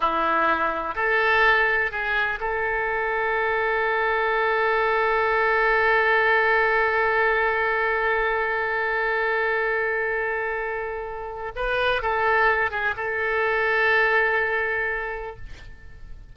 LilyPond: \new Staff \with { instrumentName = "oboe" } { \time 4/4 \tempo 4 = 125 e'2 a'2 | gis'4 a'2.~ | a'1~ | a'1~ |
a'1~ | a'1 | b'4 a'4. gis'8 a'4~ | a'1 | }